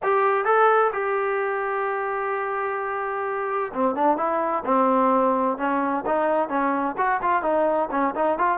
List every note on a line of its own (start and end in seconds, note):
0.03 0.44 G4
0.44 0.91 A4
0.93 3.72 G4
3.73 3.95 C4
3.95 4.17 D4
4.17 4.63 E4
4.65 5.57 C4
5.57 6.04 C#4
6.05 6.49 D#4
6.49 6.95 C#4
6.97 7.21 F#4
7.21 7.42 F4
7.42 7.89 D#4
7.91 8.14 C#4
8.15 8.38 D#4
8.38 8.58 F4